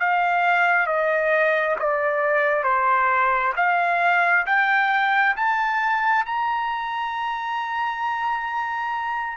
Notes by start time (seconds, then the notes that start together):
0.00 F5
0.87 D#5
1.79 D5
2.64 C5
3.57 F5
4.47 G5
5.36 A5
6.26 A#5